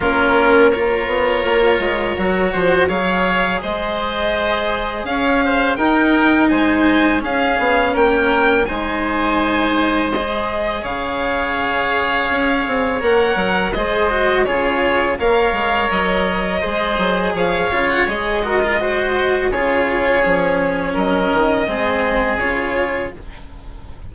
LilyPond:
<<
  \new Staff \with { instrumentName = "violin" } { \time 4/4 \tempo 4 = 83 ais'4 cis''2. | f''4 dis''2 f''4 | g''4 gis''4 f''4 g''4 | gis''2 dis''4 f''4~ |
f''2 fis''4 dis''4 | cis''4 f''4 dis''2 | f''8. fis''16 dis''2 cis''4~ | cis''4 dis''2 cis''4 | }
  \new Staff \with { instrumentName = "oboe" } { \time 4/4 f'4 ais'2~ ais'8 c''8 | cis''4 c''2 cis''8 c''8 | ais'4 c''4 gis'4 ais'4 | c''2. cis''4~ |
cis''2. c''4 | gis'4 cis''2 c''4 | cis''4. ais'8 c''4 gis'4~ | gis'4 ais'4 gis'2 | }
  \new Staff \with { instrumentName = "cello" } { \time 4/4 cis'4 f'2 fis'4 | gis'1 | dis'2 cis'2 | dis'2 gis'2~ |
gis'2 ais'4 gis'8 fis'8 | f'4 ais'2 gis'4~ | gis'8 f'8 gis'8 fis'16 f'16 fis'4 f'4 | cis'2 c'4 f'4 | }
  \new Staff \with { instrumentName = "bassoon" } { \time 4/4 ais4. b8 ais8 gis8 fis8 f8 | fis4 gis2 cis'4 | dis'4 gis4 cis'8 b8 ais4 | gis2. cis4~ |
cis4 cis'8 c'8 ais8 fis8 gis4 | cis4 ais8 gis8 fis4 gis8 fis8 | f8 cis8 gis2 cis4 | f4 fis8 dis8 gis4 cis4 | }
>>